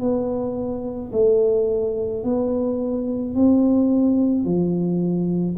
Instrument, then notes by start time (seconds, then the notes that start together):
tuba
0.00 B3
1.13 A3
2.24 B3
3.35 C4
4.45 F3